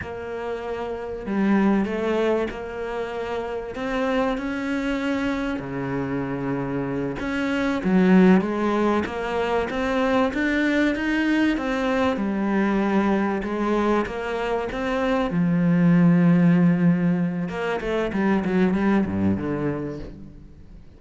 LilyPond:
\new Staff \with { instrumentName = "cello" } { \time 4/4 \tempo 4 = 96 ais2 g4 a4 | ais2 c'4 cis'4~ | cis'4 cis2~ cis8 cis'8~ | cis'8 fis4 gis4 ais4 c'8~ |
c'8 d'4 dis'4 c'4 g8~ | g4. gis4 ais4 c'8~ | c'8 f2.~ f8 | ais8 a8 g8 fis8 g8 g,8 d4 | }